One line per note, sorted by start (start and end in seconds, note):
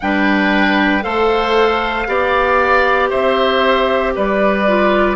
0.00 1.04 G3
0.00 1.01 D4
0.00 1.03 B4
0.00 1.02 G5
1.01 2.07 A3
1.01 2.05 A4
1.01 2.07 C5
1.01 3.09 F5
2.07 3.11 B3
2.07 4.65 G4
2.07 3.09 D5
3.09 4.16 C4
3.09 4.12 C5
3.09 4.13 E5
4.15 5.16 G3
4.15 5.16 B4
4.15 5.16 D5
4.67 5.16 F4